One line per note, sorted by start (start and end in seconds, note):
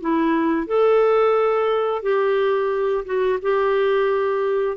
0.00 0.66 E4
0.66 2.02 A4
2.02 3.04 G4
3.05 3.39 F#4
3.42 4.77 G4